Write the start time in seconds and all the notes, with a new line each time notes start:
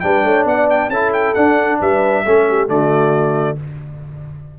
0.00 G3 D4 B4 G5
0.24 A3 C#5
0.45 B3 D5 F#5
0.70 G5
0.89 C#4 E4 A4 A5
1.13 G5
1.35 D4 F#5
1.80 G3 B4 E5
2.25 A3 C#4 A4
2.49 G4
2.68 D3 A3 F#4 D5